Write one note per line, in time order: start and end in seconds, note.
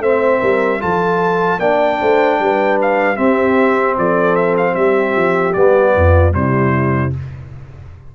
0.00 0.39 A3
0.00 0.80 C4
0.00 0.41 C5
0.00 0.82 E5
0.41 0.82 G3
0.41 0.80 A#4
0.80 1.59 F3
0.80 1.59 F4
0.80 1.59 A4
0.80 1.60 A5
1.59 1.99 A#3
1.59 3.16 D4
1.59 1.99 D5
1.59 2.78 G5
2.00 2.40 A3
2.00 2.39 C5
2.40 3.19 G3
2.40 3.18 B4
2.82 3.17 F5
3.16 5.53 C4
3.16 3.98 C4
3.16 3.97 G4
3.16 3.96 E5
3.98 4.75 F3
3.98 4.73 A4
3.98 4.36 D5
4.36 4.55 E5
4.57 4.75 F5
4.73 5.15 G3
4.73 5.91 G4
4.73 5.53 E5
5.16 5.56 F3
5.53 5.96 G3
5.53 6.32 B3
5.53 6.32 D5
5.96 6.35 F2
5.96 6.36 F4
6.32 7.14 C3
6.32 7.11 G3
6.32 7.15 E4
6.32 7.13 C5